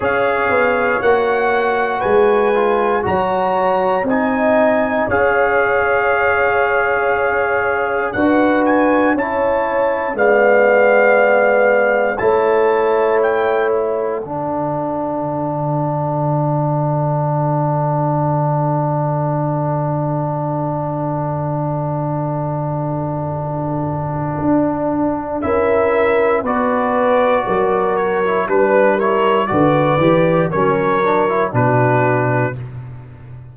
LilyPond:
<<
  \new Staff \with { instrumentName = "trumpet" } { \time 4/4 \tempo 4 = 59 f''4 fis''4 gis''4 ais''4 | gis''4 f''2. | fis''8 gis''8 a''4 f''2 | a''4 g''8 fis''2~ fis''8~ |
fis''1~ | fis''1~ | fis''4 e''4 d''4. cis''8 | b'8 cis''8 d''4 cis''4 b'4 | }
  \new Staff \with { instrumentName = "horn" } { \time 4/4 cis''2 b'4 cis''4 | dis''4 cis''2. | b'4 cis''4 d''2 | cis''2 a'2~ |
a'1~ | a'1~ | a'4 ais'4 b'4 ais'4 | b'8 ais'8 b'4 ais'4 fis'4 | }
  \new Staff \with { instrumentName = "trombone" } { \time 4/4 gis'4 fis'4. f'8 fis'4 | dis'4 gis'2. | fis'4 e'4 b2 | e'2 d'2~ |
d'1~ | d'1~ | d'4 e'4 fis'4.~ fis'16 e'16 | d'8 e'8 fis'8 g'8 cis'8 d'16 e'16 d'4 | }
  \new Staff \with { instrumentName = "tuba" } { \time 4/4 cis'8 b8 ais4 gis4 fis4 | c'4 cis'2. | d'4 cis'4 gis2 | a2 d2~ |
d1~ | d1 | d'4 cis'4 b4 fis4 | g4 d8 e8 fis4 b,4 | }
>>